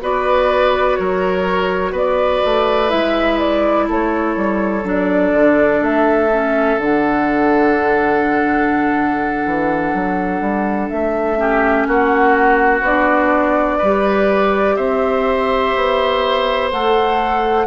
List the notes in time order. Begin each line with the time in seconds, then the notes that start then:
0.00 B3 F#4 B4 D5
0.96 F#3 A#4 C#5
1.92 B3 B4 D5
2.45 A3
2.88 G#3 E4 E5
3.39 D5
3.88 A3 A4 C#5
4.36 G3
4.84 F#3 D4 D5
5.32 D3
5.81 A3 E5
6.31 C#4
6.77 D3 D4 F#5
9.45 E3
9.93 F#3
10.41 G3
10.89 A3 E5
11.37 C#4 G4
11.87 A#3 F#4 F#5
12.80 B3 D4 D5
13.78 G3 G4 B4
14.76 C4 C5 E5
15.75 B3
16.71 A3 A4 F#5